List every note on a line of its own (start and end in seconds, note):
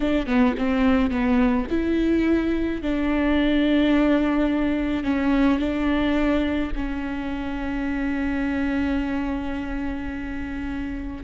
0.00 0.26 D4
0.26 0.54 B3
0.57 1.10 C4
1.10 1.66 B3
1.69 2.81 E4
2.81 5.03 D4
5.03 5.59 C#4
5.59 6.71 D4
6.75 11.23 C#4